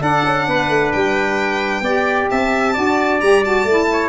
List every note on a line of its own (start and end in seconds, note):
0.00 1.83 D4
0.00 0.24 D4
0.00 0.47 A4
0.00 0.92 F#5
0.24 0.47 C#4
0.47 0.69 B3
0.47 1.83 B4
0.69 0.92 A3
0.92 1.81 G3
0.92 2.29 G5
1.81 2.27 B3
1.81 2.74 G4
1.81 2.29 D5
2.30 2.77 C4
2.30 2.73 E5
2.30 3.20 A5
2.73 3.22 D4
2.73 3.20 F#4
2.73 3.87 D5
3.20 3.64 G3
3.20 3.44 G4
3.20 3.43 A#5
3.44 3.67 F#4
3.44 4.09 A5
3.64 4.09 A3
3.64 4.09 E4
3.92 4.09 C#5